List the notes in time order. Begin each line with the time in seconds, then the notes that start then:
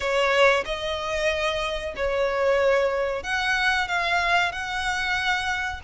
0.00 C#5
0.65 D#5
1.96 C#5
3.23 F#5
3.88 F5
4.52 F#5